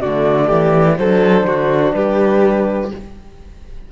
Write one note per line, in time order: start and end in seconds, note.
0.00 0.51 D3
0.00 0.99 A3
0.00 0.47 F#4
0.00 0.98 D5
0.47 0.98 E3
0.47 0.95 G4
0.98 1.44 F#3
0.98 2.92 D4
0.98 1.47 A4
0.98 1.94 C5
1.44 1.92 D3
1.44 1.95 F#4
1.94 2.92 G3
1.94 2.92 G4
1.94 2.90 B4